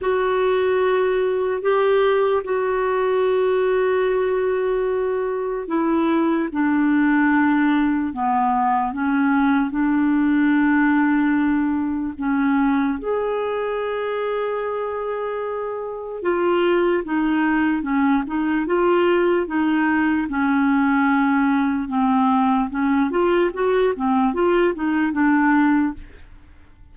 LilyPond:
\new Staff \with { instrumentName = "clarinet" } { \time 4/4 \tempo 4 = 74 fis'2 g'4 fis'4~ | fis'2. e'4 | d'2 b4 cis'4 | d'2. cis'4 |
gis'1 | f'4 dis'4 cis'8 dis'8 f'4 | dis'4 cis'2 c'4 | cis'8 f'8 fis'8 c'8 f'8 dis'8 d'4 | }